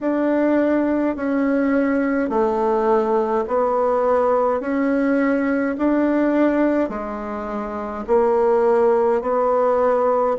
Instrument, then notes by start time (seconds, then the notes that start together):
bassoon
0.01 D4
1.15 C#4
2.29 A3
3.47 B3
4.60 C#4
5.77 D4
6.89 G#3
8.07 A#3
9.21 B3